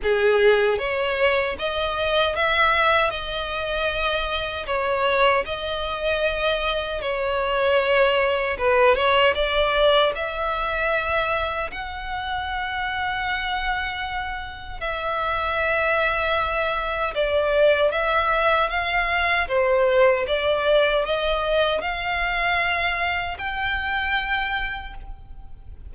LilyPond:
\new Staff \with { instrumentName = "violin" } { \time 4/4 \tempo 4 = 77 gis'4 cis''4 dis''4 e''4 | dis''2 cis''4 dis''4~ | dis''4 cis''2 b'8 cis''8 | d''4 e''2 fis''4~ |
fis''2. e''4~ | e''2 d''4 e''4 | f''4 c''4 d''4 dis''4 | f''2 g''2 | }